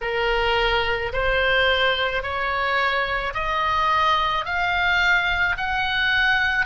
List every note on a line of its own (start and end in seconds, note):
0.01 1.12 A#4
1.12 2.22 C5
2.22 3.33 C#5
3.33 4.44 D#5
4.45 5.56 F5
5.57 6.66 F#5